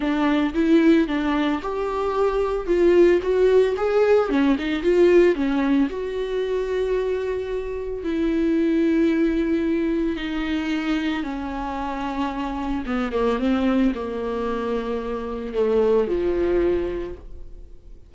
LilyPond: \new Staff \with { instrumentName = "viola" } { \time 4/4 \tempo 4 = 112 d'4 e'4 d'4 g'4~ | g'4 f'4 fis'4 gis'4 | cis'8 dis'8 f'4 cis'4 fis'4~ | fis'2. e'4~ |
e'2. dis'4~ | dis'4 cis'2. | b8 ais8 c'4 ais2~ | ais4 a4 f2 | }